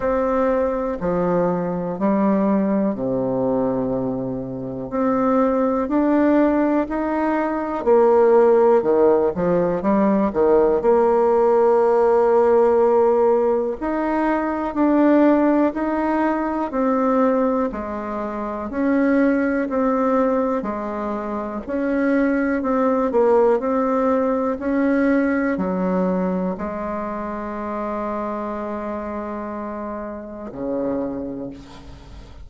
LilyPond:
\new Staff \with { instrumentName = "bassoon" } { \time 4/4 \tempo 4 = 61 c'4 f4 g4 c4~ | c4 c'4 d'4 dis'4 | ais4 dis8 f8 g8 dis8 ais4~ | ais2 dis'4 d'4 |
dis'4 c'4 gis4 cis'4 | c'4 gis4 cis'4 c'8 ais8 | c'4 cis'4 fis4 gis4~ | gis2. cis4 | }